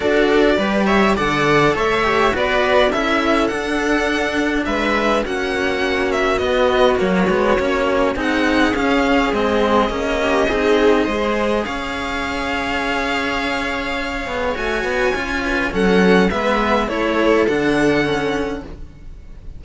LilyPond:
<<
  \new Staff \with { instrumentName = "violin" } { \time 4/4 \tempo 4 = 103 d''4. e''8 fis''4 e''4 | d''4 e''4 fis''2 | e''4 fis''4. e''8 dis''4 | cis''2 fis''4 f''4 |
dis''1 | f''1~ | f''4 gis''2 fis''4 | e''4 cis''4 fis''2 | }
  \new Staff \with { instrumentName = "viola" } { \time 4/4 a'4 b'8 cis''8 d''4 cis''4 | b'4 a'2. | b'4 fis'2.~ | fis'2 gis'2~ |
gis'4. g'8 gis'4 c''4 | cis''1~ | cis''2~ cis''8 b'8 a'4 | b'4 a'2. | }
  \new Staff \with { instrumentName = "cello" } { \time 4/4 fis'4 g'4 a'4. g'8 | fis'4 e'4 d'2~ | d'4 cis'2 b4 | ais8 b8 cis'4 dis'4 cis'4 |
c'4 cis'4 dis'4 gis'4~ | gis'1~ | gis'4 fis'4 f'4 cis'4 | b4 e'4 d'4 cis'4 | }
  \new Staff \with { instrumentName = "cello" } { \time 4/4 d'4 g4 d4 a4 | b4 cis'4 d'2 | gis4 ais2 b4 | fis8 gis8 ais4 c'4 cis'4 |
gis4 ais4 c'4 gis4 | cis'1~ | cis'8 b8 a8 b8 cis'4 fis4 | gis4 a4 d2 | }
>>